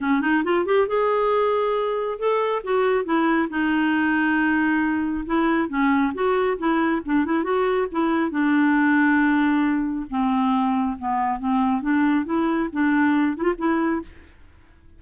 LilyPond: \new Staff \with { instrumentName = "clarinet" } { \time 4/4 \tempo 4 = 137 cis'8 dis'8 f'8 g'8 gis'2~ | gis'4 a'4 fis'4 e'4 | dis'1 | e'4 cis'4 fis'4 e'4 |
d'8 e'8 fis'4 e'4 d'4~ | d'2. c'4~ | c'4 b4 c'4 d'4 | e'4 d'4. e'16 f'16 e'4 | }